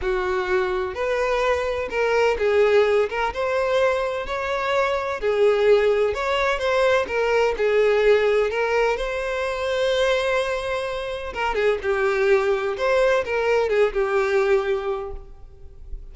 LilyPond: \new Staff \with { instrumentName = "violin" } { \time 4/4 \tempo 4 = 127 fis'2 b'2 | ais'4 gis'4. ais'8 c''4~ | c''4 cis''2 gis'4~ | gis'4 cis''4 c''4 ais'4 |
gis'2 ais'4 c''4~ | c''1 | ais'8 gis'8 g'2 c''4 | ais'4 gis'8 g'2~ g'8 | }